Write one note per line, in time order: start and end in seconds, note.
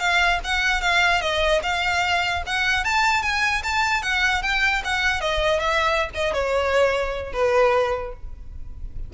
0.00 0.40 F5
0.44 0.82 F#5
0.82 1.22 F5
1.22 1.62 D#5
1.63 2.43 F5
2.47 2.85 F#5
2.85 3.23 A5
3.23 3.63 G#5
3.63 4.03 A5
4.03 4.43 F#5
4.43 4.83 G5
4.85 5.21 F#5
5.21 5.60 D#5
5.60 6.10 E5
6.15 6.34 D#5
6.34 7.33 C#5
7.33 8.13 B4